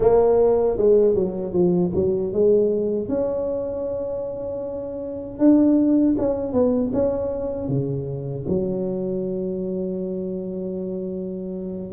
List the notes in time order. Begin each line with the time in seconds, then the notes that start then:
0.00 A#3
0.77 G#3
1.14 F#3
1.52 F3
1.94 F#3
2.32 G#3
3.08 C#4
5.38 D4
6.17 C#4
6.52 B3
6.93 C#4
7.68 C#3
8.48 F#3